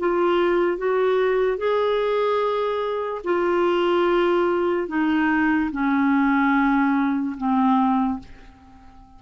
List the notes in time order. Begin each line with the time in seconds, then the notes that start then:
0.00 F4
0.78 F#4
1.58 G#4
3.25 F4
4.88 D#4
5.72 C#4
7.37 C4